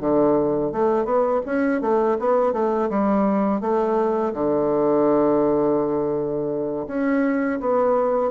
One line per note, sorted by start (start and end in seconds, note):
0.00 0.72 D3
0.72 1.05 A3
1.05 1.41 B3
1.46 1.81 C#4
1.81 2.18 A3
2.19 2.53 B3
2.53 2.89 A3
2.89 3.61 G3
3.61 4.33 A3
4.34 6.87 D3
6.87 7.60 C#4
7.60 8.31 B3